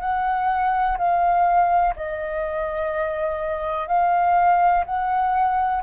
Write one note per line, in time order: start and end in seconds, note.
0.00 0.97 F#5
0.97 1.94 F5
1.96 3.88 D#5
3.88 4.84 F5
4.86 5.82 F#5